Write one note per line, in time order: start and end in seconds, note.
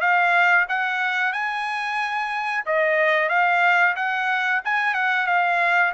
0.00 0.66 F5
0.68 1.32 F#5
1.32 2.64 G#5
2.66 3.28 D#5
3.28 3.94 F5
3.95 4.61 F#5
4.64 4.94 G#5
4.94 5.26 F#5
5.26 5.92 F5